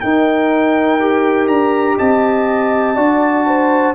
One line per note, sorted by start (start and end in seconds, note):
0.00 1.00 D#4
0.00 1.48 D#4
0.00 1.97 A#4
0.00 1.48 G5
1.00 2.96 G4
1.48 1.97 D4
1.48 1.97 A#5
1.97 2.97 C4
1.97 2.95 D#5
1.97 3.95 A5
2.95 3.95 D4
2.95 3.94 F#4
2.95 3.45 D5
3.47 3.95 C5